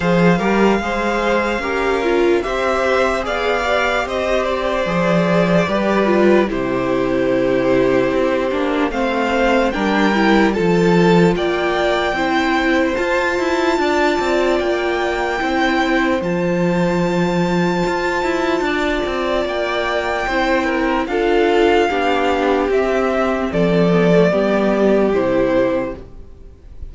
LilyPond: <<
  \new Staff \with { instrumentName = "violin" } { \time 4/4 \tempo 4 = 74 f''2. e''4 | f''4 dis''8 d''2~ d''8 | c''2. f''4 | g''4 a''4 g''2 |
a''2 g''2 | a''1 | g''2 f''2 | e''4 d''2 c''4 | }
  \new Staff \with { instrumentName = "violin" } { \time 4/4 c''8 ais'8 c''4 ais'4 c''4 | d''4 c''2 b'4 | g'2. c''4 | ais'4 a'4 d''4 c''4~ |
c''4 d''2 c''4~ | c''2. d''4~ | d''4 c''8 ais'8 a'4 g'4~ | g'4 a'4 g'2 | }
  \new Staff \with { instrumentName = "viola" } { \time 4/4 gis'8 g'8 gis'4 g'8 f'8 g'4 | gis'8 g'4. gis'4 g'8 f'8 | e'2~ e'8 d'8 c'4 | d'8 e'8 f'2 e'4 |
f'2. e'4 | f'1~ | f'4 e'4 f'4 d'4 | c'4. b16 a16 b4 e'4 | }
  \new Staff \with { instrumentName = "cello" } { \time 4/4 f8 g8 gis4 cis'4 c'4 | b4 c'4 f4 g4 | c2 c'8 ais8 a4 | g4 f4 ais4 c'4 |
f'8 e'8 d'8 c'8 ais4 c'4 | f2 f'8 e'8 d'8 c'8 | ais4 c'4 d'4 b4 | c'4 f4 g4 c4 | }
>>